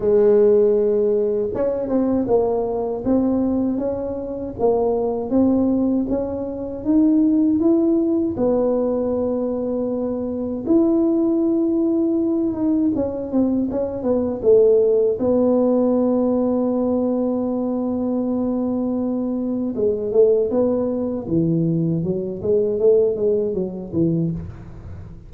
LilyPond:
\new Staff \with { instrumentName = "tuba" } { \time 4/4 \tempo 4 = 79 gis2 cis'8 c'8 ais4 | c'4 cis'4 ais4 c'4 | cis'4 dis'4 e'4 b4~ | b2 e'2~ |
e'8 dis'8 cis'8 c'8 cis'8 b8 a4 | b1~ | b2 gis8 a8 b4 | e4 fis8 gis8 a8 gis8 fis8 e8 | }